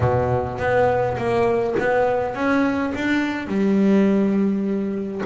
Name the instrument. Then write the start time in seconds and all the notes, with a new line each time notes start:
double bass
0.00 B2
0.58 B3
1.17 A#3
1.79 B3
2.34 C#4
2.94 D4
3.47 G3